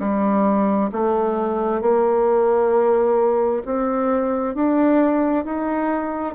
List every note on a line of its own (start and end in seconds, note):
0.00 0.91 G3
0.93 1.82 A3
1.82 3.64 A#3
3.66 4.55 C4
4.55 5.45 D4
5.45 6.35 D#4